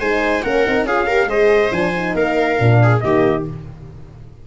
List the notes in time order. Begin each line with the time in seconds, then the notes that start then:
0.00 G#3 D#4 C5 G#5
0.43 A#3 C#4 A#4 F#5
0.65 C4 D#4
0.84 C#4 F4 G#4 F5
1.07 G4 A#4
1.27 G#3 G#4 C5 D#5
1.72 F3 D4 G#5
1.96 D#4
2.15 A#3 A#4 F5
2.58 A#2 D4
2.83 G#4
3.00 D#3 A#3 G4 D#5